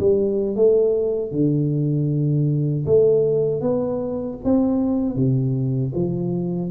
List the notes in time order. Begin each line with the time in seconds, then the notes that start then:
0.00 G3
0.56 A3
1.32 D3
2.86 A3
3.62 B3
4.44 C4
5.16 C3
5.95 F3